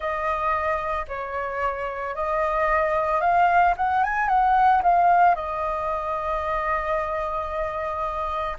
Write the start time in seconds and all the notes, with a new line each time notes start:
0.00 D#5
1.08 C#5
2.15 D#5
3.20 F5
3.76 F#5
4.03 G#5
4.28 F#5
4.83 F5
5.35 D#5